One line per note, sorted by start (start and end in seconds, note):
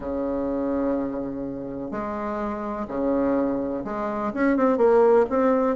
0.00 1.91 C#3
1.91 2.87 G#3
2.88 3.84 C#3
3.84 4.32 G#3
4.33 4.56 C#4
4.56 4.77 C4
4.77 5.25 A#3
5.29 5.76 C4